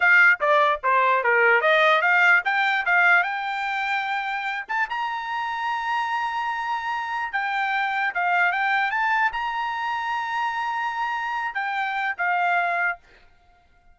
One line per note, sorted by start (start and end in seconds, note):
0.00 0.39 F5
0.40 0.80 D5
0.83 1.23 C5
1.23 1.61 A#4
1.61 2.01 D#5
2.01 2.42 F5
2.44 2.85 G5
2.85 3.23 F5
3.23 4.65 G5
4.68 4.89 A5
4.89 7.32 A#5
7.32 8.13 G5
8.14 8.52 F5
8.52 8.90 G5
8.90 9.31 A5
9.32 11.54 A#5
11.54 12.15 G5
12.17 12.98 F5